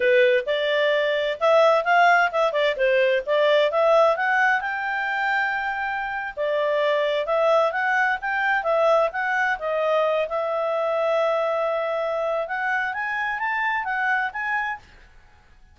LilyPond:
\new Staff \with { instrumentName = "clarinet" } { \time 4/4 \tempo 4 = 130 b'4 d''2 e''4 | f''4 e''8 d''8 c''4 d''4 | e''4 fis''4 g''2~ | g''4.~ g''16 d''2 e''16~ |
e''8. fis''4 g''4 e''4 fis''16~ | fis''8. dis''4. e''4.~ e''16~ | e''2. fis''4 | gis''4 a''4 fis''4 gis''4 | }